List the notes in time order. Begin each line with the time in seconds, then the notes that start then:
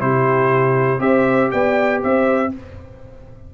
0.00 C3 E4 G4 C5
0.99 C4 G4 C5 E5
1.51 B3 D5 G5
2.03 C4 C5 E5